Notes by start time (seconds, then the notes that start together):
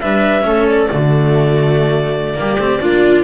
0.00 G3 D4 B4 E5
0.42 A3 C#4 A4
0.68 D5
0.90 D3 A3 F#4
2.34 G3 A#3 G4
2.56 A3 C4
2.80 A#3 D4 F4